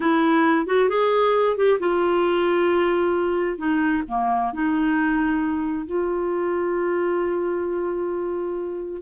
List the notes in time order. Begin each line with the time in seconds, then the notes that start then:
0.00 E4
0.66 F#4
0.89 G#4
1.56 G4
1.79 F4
3.57 D#4
4.07 A#3
4.53 D#4
5.86 F4